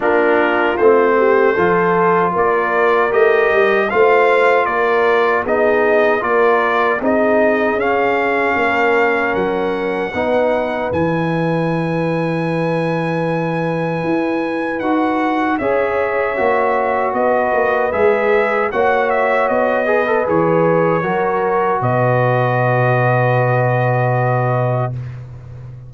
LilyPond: <<
  \new Staff \with { instrumentName = "trumpet" } { \time 4/4 \tempo 4 = 77 ais'4 c''2 d''4 | dis''4 f''4 d''4 dis''4 | d''4 dis''4 f''2 | fis''2 gis''2~ |
gis''2. fis''4 | e''2 dis''4 e''4 | fis''8 e''8 dis''4 cis''2 | dis''1 | }
  \new Staff \with { instrumentName = "horn" } { \time 4/4 f'4. g'8 a'4 ais'4~ | ais'4 c''4 ais'4 gis'4 | ais'4 gis'2 ais'4~ | ais'4 b'2.~ |
b'1 | cis''2 b'2 | cis''4. b'4. ais'4 | b'1 | }
  \new Staff \with { instrumentName = "trombone" } { \time 4/4 d'4 c'4 f'2 | g'4 f'2 dis'4 | f'4 dis'4 cis'2~ | cis'4 dis'4 e'2~ |
e'2. fis'4 | gis'4 fis'2 gis'4 | fis'4. gis'16 a'16 gis'4 fis'4~ | fis'1 | }
  \new Staff \with { instrumentName = "tuba" } { \time 4/4 ais4 a4 f4 ais4 | a8 g8 a4 ais4 b4 | ais4 c'4 cis'4 ais4 | fis4 b4 e2~ |
e2 e'4 dis'4 | cis'4 ais4 b8 ais8 gis4 | ais4 b4 e4 fis4 | b,1 | }
>>